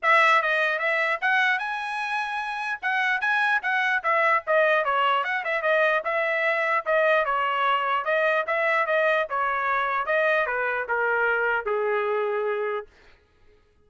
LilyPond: \new Staff \with { instrumentName = "trumpet" } { \time 4/4 \tempo 4 = 149 e''4 dis''4 e''4 fis''4 | gis''2. fis''4 | gis''4 fis''4 e''4 dis''4 | cis''4 fis''8 e''8 dis''4 e''4~ |
e''4 dis''4 cis''2 | dis''4 e''4 dis''4 cis''4~ | cis''4 dis''4 b'4 ais'4~ | ais'4 gis'2. | }